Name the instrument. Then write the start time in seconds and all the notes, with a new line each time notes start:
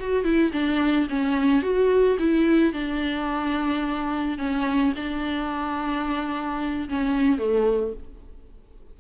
viola
0.00 F#4
0.24 E4
0.53 D4
1.10 C#4
1.63 F#4
2.19 E4
2.73 D4
4.38 C#4
4.96 D4
6.90 C#4
7.39 A3